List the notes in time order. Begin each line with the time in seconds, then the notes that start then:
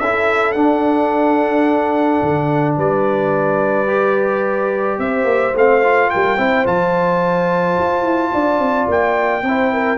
0.00 C#4 E4 A4 E5
0.52 D4 F#5
2.23 D3
2.77 G3 B4 D5
3.87 G4
4.99 C4 C5 E5
5.24 A#3
5.55 A3 C4 F5
5.84 F4
6.10 G3 A#4 G5
6.38 C4 E4 C5
6.66 F3 F4 A5
7.79 F4
8.03 E4
8.33 D4 D5
8.59 C4
8.88 A#3 G5
9.43 C4 E4 C5
9.73 A#4